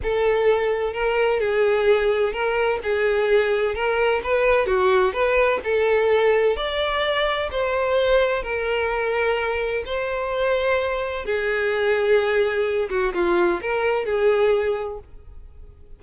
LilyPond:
\new Staff \with { instrumentName = "violin" } { \time 4/4 \tempo 4 = 128 a'2 ais'4 gis'4~ | gis'4 ais'4 gis'2 | ais'4 b'4 fis'4 b'4 | a'2 d''2 |
c''2 ais'2~ | ais'4 c''2. | gis'2.~ gis'8 fis'8 | f'4 ais'4 gis'2 | }